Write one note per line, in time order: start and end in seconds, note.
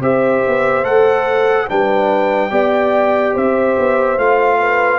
0.00 0.42 C4
0.00 0.83 G4
0.00 1.68 C5
0.00 0.85 E5
0.47 0.84 B3
0.83 1.67 A3
0.83 1.67 A4
0.83 1.68 F#5
1.68 2.51 G3
1.68 2.50 D4
1.68 2.51 B4
1.68 3.36 G5
2.50 3.34 B3
2.50 4.17 G4
2.50 3.34 D5
3.34 3.77 C4
3.34 4.59 C5
3.34 4.18 E5
3.78 4.17 B3
4.17 4.98 A3
4.17 4.98 F4
4.17 4.98 F5
4.60 4.98 B4